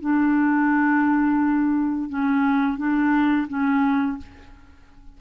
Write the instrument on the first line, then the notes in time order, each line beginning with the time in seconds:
clarinet
0.00 D4
2.09 C#4
2.77 D4
3.48 C#4